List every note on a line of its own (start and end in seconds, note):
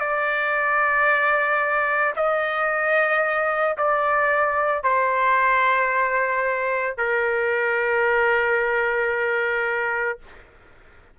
0.00 2.14 D5
2.16 3.76 D#5
3.77 4.83 D5
4.83 6.97 C5
6.97 10.19 A#4